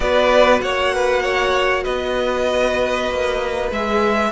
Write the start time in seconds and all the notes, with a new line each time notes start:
0.00 B3 F#4 B4 D5
0.61 A#3 C#5 F#5
0.93 B4
1.22 C#5
1.83 B3 B4 D#5
3.10 A#3
3.71 G#3 G#4 E5